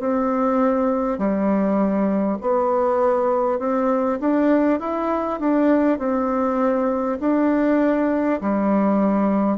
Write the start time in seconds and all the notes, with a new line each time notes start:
0.00 C4
1.18 G3
2.41 B3
3.59 C4
4.21 D4
4.80 E4
5.39 D4
5.98 C4
7.20 D4
8.41 G3